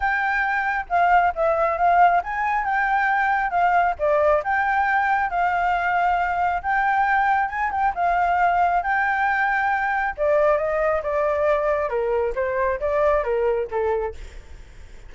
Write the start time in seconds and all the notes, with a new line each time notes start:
0.00 G5
0.89 F5
1.35 E5
1.77 F5
2.23 G#5
2.64 G5
3.50 F5
3.98 D5
4.43 G5
5.29 F5
6.62 G5
7.48 G#5
7.71 G5
7.94 F5
8.82 G5
10.17 D5
10.57 D#5
11.02 D5
11.89 A#4
12.35 C5
12.79 D5
13.23 A#4
13.70 A4